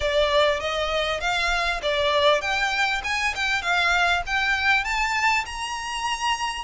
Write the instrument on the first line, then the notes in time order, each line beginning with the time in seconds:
violin
0.00 D5
0.60 D#5
1.20 F5
1.82 D5
2.41 G5
3.04 G#5
3.35 G5
3.61 F5
4.26 G5
4.84 A5
5.45 A#5